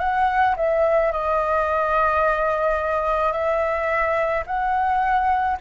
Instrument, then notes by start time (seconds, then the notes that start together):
flute
0.00 F#5
0.57 E5
1.12 D#5
3.33 E5
4.46 F#5